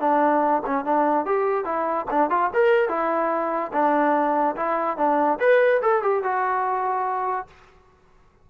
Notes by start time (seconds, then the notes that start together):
0.00 D4
0.66 C#4
0.85 D4
1.25 G4
1.64 E4
2.10 D4
2.30 F4
2.53 A#4
2.89 E4
3.73 D4
4.56 E4
4.97 D4
5.39 B4
5.82 A4
6.02 G4
6.23 F#4